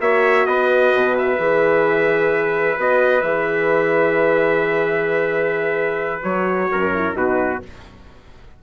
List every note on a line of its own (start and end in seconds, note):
0.00 0.46 A#3
0.00 1.38 F#4
0.00 0.47 C#5
0.00 0.46 E5
0.46 0.92 B3
0.46 6.71 B4
0.46 1.15 D#5
0.93 1.38 B2
1.17 2.79 E5
1.38 2.77 E3
1.38 2.76 G#4
2.77 3.22 B3
2.77 3.23 F#4
2.77 3.21 D#5
3.21 6.22 E3
3.21 6.22 G#4
3.21 6.21 E5
6.22 6.69 F#3
6.22 6.92 F#4
6.22 7.15 C#5
6.71 7.15 F#2
6.71 7.16 A#4
6.94 7.13 E4
7.13 7.61 B2
7.13 7.59 D#4
7.13 7.62 F#4
7.13 7.62 B4